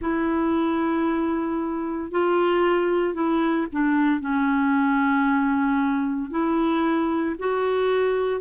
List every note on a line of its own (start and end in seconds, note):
0.00 2.11 E4
2.11 3.13 F4
3.13 3.66 E4
3.72 4.20 D4
4.20 6.30 C#4
6.30 7.35 E4
7.39 8.40 F#4